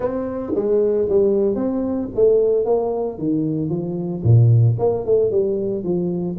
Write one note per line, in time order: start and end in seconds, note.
0.00 0.53 C4
0.55 1.08 G#3
1.09 1.55 G3
1.55 2.08 C4
2.15 2.65 A3
2.65 3.18 A#3
3.18 3.69 D#3
3.69 4.22 F3
4.23 4.76 A#2
4.79 5.05 A#3
5.05 5.30 A3
5.30 5.83 G3
5.83 6.36 F3